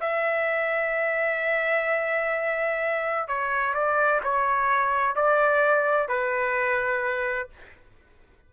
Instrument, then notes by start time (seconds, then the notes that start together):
trumpet
0.00 E5
3.28 C#5
3.74 D5
4.23 C#5
5.15 D5
6.08 B4